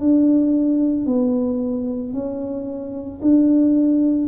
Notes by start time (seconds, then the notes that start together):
0.00 D4
1.07 B3
2.13 C#4
3.22 D4